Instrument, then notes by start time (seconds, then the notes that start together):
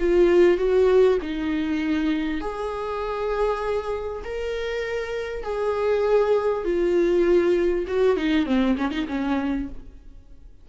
viola
0.00 F4
0.58 F#4
1.22 D#4
2.41 G#4
4.24 A#4
5.43 G#4
6.65 F4
7.88 F#4
8.17 D#4
8.46 C4
8.78 C#4
8.91 D#4
9.09 C#4